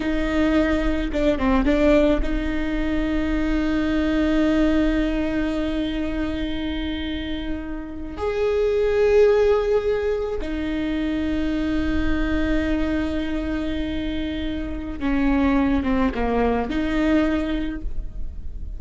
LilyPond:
\new Staff \with { instrumentName = "viola" } { \time 4/4 \tempo 4 = 108 dis'2 d'8 c'8 d'4 | dis'1~ | dis'1~ | dis'2~ dis'8. gis'4~ gis'16~ |
gis'2~ gis'8. dis'4~ dis'16~ | dis'1~ | dis'2. cis'4~ | cis'8 c'8 ais4 dis'2 | }